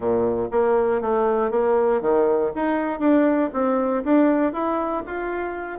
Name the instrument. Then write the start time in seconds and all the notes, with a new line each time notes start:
bassoon
0.00 A#2
0.51 A#3
1.01 A3
1.51 A#3
2.01 D#3
2.55 D#4
2.99 D4
3.53 C4
4.03 D4
4.52 E4
5.06 F4